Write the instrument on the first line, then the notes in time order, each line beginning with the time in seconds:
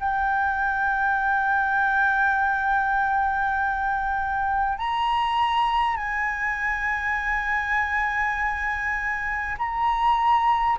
flute
0.00 G5
4.78 A#5
5.97 G#5
9.58 A#5